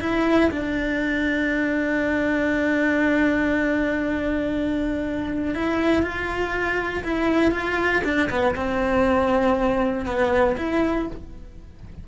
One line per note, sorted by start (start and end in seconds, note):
0.00 0.50 E4
0.51 5.54 D4
5.54 6.02 E4
6.02 7.03 F4
7.04 7.51 E4
7.51 8.02 F4
8.04 8.29 D4
8.30 8.55 B3
8.56 10.06 C4
10.06 10.56 B3
10.57 11.07 E4